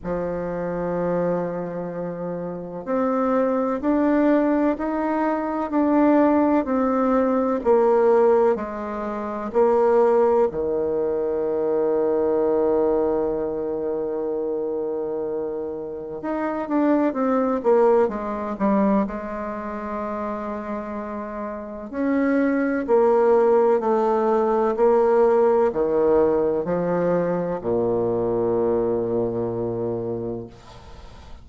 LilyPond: \new Staff \with { instrumentName = "bassoon" } { \time 4/4 \tempo 4 = 63 f2. c'4 | d'4 dis'4 d'4 c'4 | ais4 gis4 ais4 dis4~ | dis1~ |
dis4 dis'8 d'8 c'8 ais8 gis8 g8 | gis2. cis'4 | ais4 a4 ais4 dis4 | f4 ais,2. | }